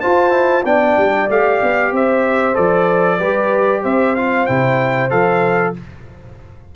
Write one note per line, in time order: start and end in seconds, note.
0.00 0.30 F4
0.00 0.64 F4
0.00 0.63 C5
0.00 0.64 A5
0.30 0.62 E4
0.63 0.96 B3
0.63 1.29 D4
0.63 1.91 D5
0.63 1.29 G5
0.97 1.29 G3
1.29 1.61 A3
1.29 2.54 G4
1.29 1.94 F5
1.63 1.91 B3
1.91 2.55 C4
1.91 3.19 C5
1.91 2.55 E5
2.54 3.20 F3
2.54 3.18 A4
2.54 3.83 D5
3.19 3.84 G3
3.19 4.15 G4
3.19 3.83 B4
3.83 4.48 C4
3.83 5.74 C5
3.83 4.15 E5
4.15 4.48 F4
4.15 4.46 F5
4.46 5.11 C3
4.46 5.10 E4
4.46 5.10 G5
5.10 5.75 F3
5.10 5.74 A4
5.10 5.74 F5